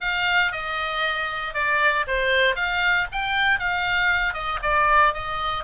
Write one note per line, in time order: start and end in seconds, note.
0.00 0.52 F5
0.52 1.54 D#5
1.54 2.05 D5
2.07 2.55 C5
2.55 3.06 F5
3.12 3.59 G5
3.59 4.33 F5
4.33 4.59 D#5
4.62 5.13 D5
5.13 5.64 D#5